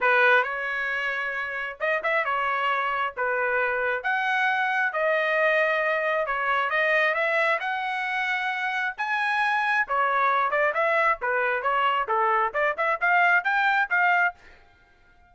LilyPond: \new Staff \with { instrumentName = "trumpet" } { \time 4/4 \tempo 4 = 134 b'4 cis''2. | dis''8 e''8 cis''2 b'4~ | b'4 fis''2 dis''4~ | dis''2 cis''4 dis''4 |
e''4 fis''2. | gis''2 cis''4. d''8 | e''4 b'4 cis''4 a'4 | d''8 e''8 f''4 g''4 f''4 | }